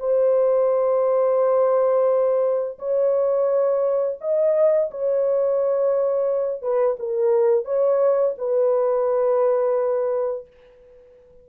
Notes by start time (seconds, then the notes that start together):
0.00 C5
2.79 C#5
4.21 D#5
4.92 C#5
6.62 B4
7.00 A#4
7.66 C#5
8.38 B4